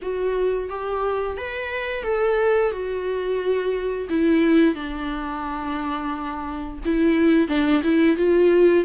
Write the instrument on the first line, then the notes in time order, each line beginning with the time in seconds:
viola
0.02 F#4
0.69 G4
1.37 B4
2.03 A4
2.71 F#4
4.09 E4
4.74 D4
6.85 E4
7.48 D4
7.83 E4
8.16 F4